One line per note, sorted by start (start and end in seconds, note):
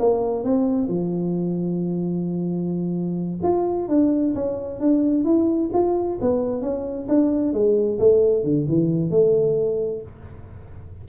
0.00 0.44 A#3
0.44 0.88 C4
0.88 3.40 F3
3.43 3.89 F4
3.89 4.35 D4
4.35 4.80 C#4
4.80 5.25 D4
5.25 5.71 E4
5.74 6.19 F4
6.21 6.62 B3
6.62 7.08 C#4
7.09 7.53 D4
7.53 7.99 G#3
8.00 8.44 A3
8.44 8.67 D3
8.69 9.11 E3
9.11 10.02 A3